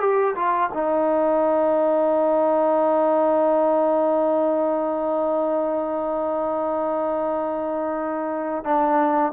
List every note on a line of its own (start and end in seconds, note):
0.00 0.34 G4
0.35 0.69 F4
0.73 8.64 D#4
8.64 9.32 D4